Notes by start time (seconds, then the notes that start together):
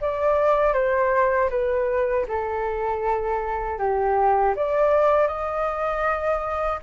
0.00 D5
0.73 C5
1.49 B4
2.27 A4
3.78 G4
4.55 D5
5.27 D#5